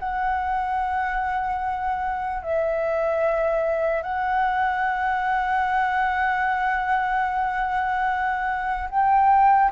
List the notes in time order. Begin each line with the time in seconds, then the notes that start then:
0.00 F#5
2.43 E5
4.03 F#5
8.90 G5